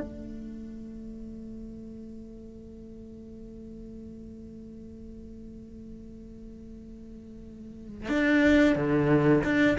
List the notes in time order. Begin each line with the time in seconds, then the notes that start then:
0.00 A3
8.09 D4
8.75 D3
9.44 D4